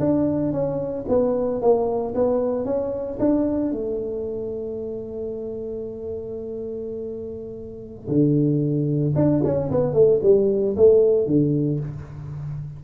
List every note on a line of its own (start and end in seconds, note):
0.00 0.52 D4
0.52 1.05 C#4
1.09 1.62 B3
1.62 2.15 A#3
2.15 2.65 B3
2.65 3.19 C#4
3.20 3.72 D4
3.72 8.09 A3
8.09 9.15 D3
9.16 9.42 D4
9.44 9.71 C#4
9.71 9.94 B3
9.94 10.20 A3
10.23 10.76 G3
10.77 11.27 A3
11.27 11.80 D3